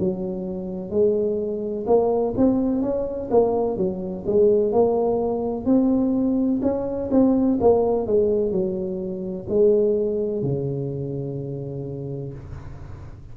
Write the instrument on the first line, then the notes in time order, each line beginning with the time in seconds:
tuba
0.00 F#3
0.90 G#3
1.87 A#3
2.38 C4
2.82 C#4
3.31 A#3
3.77 F#3
4.26 G#3
4.73 A#3
5.66 C4
6.62 C#4
7.12 C4
7.61 A#3
8.07 G#3
8.52 F#3
9.49 G#3
10.43 C#3